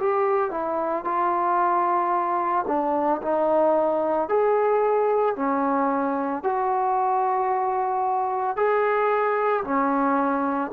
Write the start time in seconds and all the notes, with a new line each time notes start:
0.00 G4
0.52 E4
1.05 F4
2.68 D4
3.22 D#4
4.29 G#4
5.37 C#4
6.43 F#4
8.57 G#4
9.65 C#4